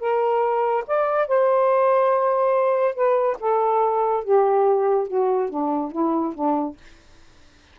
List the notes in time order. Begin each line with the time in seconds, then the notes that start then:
0.00 A#4
0.88 D5
1.28 C5
2.95 B4
3.41 A4
4.24 G4
5.08 F#4
5.50 D4
5.92 E4
6.35 D4